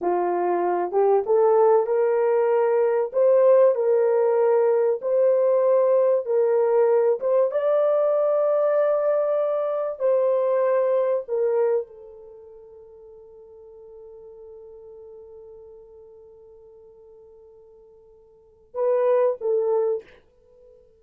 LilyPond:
\new Staff \with { instrumentName = "horn" } { \time 4/4 \tempo 4 = 96 f'4. g'8 a'4 ais'4~ | ais'4 c''4 ais'2 | c''2 ais'4. c''8 | d''1 |
c''2 ais'4 a'4~ | a'1~ | a'1~ | a'2 b'4 a'4 | }